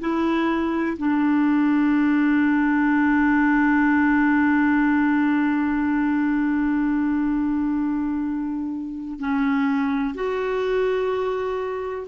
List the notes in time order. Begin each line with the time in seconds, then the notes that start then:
0.00 E4
0.97 D4
9.19 C#4
10.14 F#4